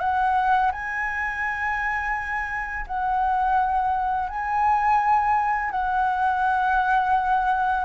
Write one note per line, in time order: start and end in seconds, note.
0.00 0.71 F#5
0.72 2.86 G#5
2.87 4.29 F#5
4.29 5.71 G#5
5.71 7.85 F#5